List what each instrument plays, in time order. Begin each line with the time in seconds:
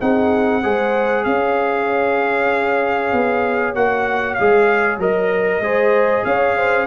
0.00 tuba C4, trombone D#4, horn G#4, trumpet F#5
0.63 tuba G#3, trombone G#4, horn C5
1.24 tuba C#4, horn C#5, trumpet F5
3.12 tuba B3
3.74 tuba A#3, trombone F#4, trumpet F#5
4.34 tuba G#3, trombone G#4, trumpet F5
4.98 tuba F#3, trombone A#4, trumpet D#5
5.60 tuba G#3, trombone G#4, horn C5
6.24 tuba C#4, horn C#5, trumpet F5
6.56 horn C5